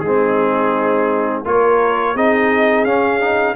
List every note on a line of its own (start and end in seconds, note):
0.00 1.44 G#3
0.00 1.45 C4
0.00 1.46 D#4
0.00 1.41 G#4
1.45 2.16 A#3
1.45 2.16 F4
1.45 2.15 A#4
1.45 2.17 C#5
2.15 2.85 C4
2.15 2.87 D#4
2.15 3.56 G#4
2.15 2.85 D#5
2.85 3.55 C#4
2.85 3.20 C#4
2.85 3.56 F5
3.20 3.55 D#4